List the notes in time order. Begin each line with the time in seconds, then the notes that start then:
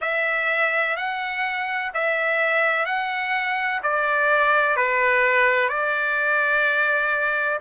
0.01 E5
0.96 F#5
1.94 E5
2.85 F#5
3.82 D5
4.76 B4
5.68 D5